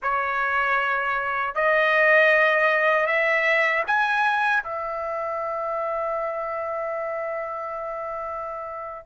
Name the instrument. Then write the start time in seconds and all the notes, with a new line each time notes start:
trumpet
0.02 C#5
1.54 D#5
3.06 E5
3.86 G#5
4.63 E5